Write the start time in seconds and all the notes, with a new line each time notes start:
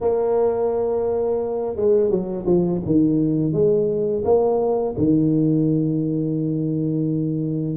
0.01 A#3
1.76 G#3
2.10 F#3
2.45 F3
2.85 D#3
3.53 G#3
4.24 A#3
4.97 D#3